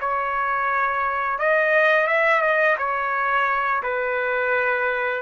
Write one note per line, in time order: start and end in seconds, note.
0.00 1.38 C#5
1.38 2.07 D#5
2.07 2.41 E5
2.41 2.76 D#5
2.77 3.82 C#5
3.82 5.22 B4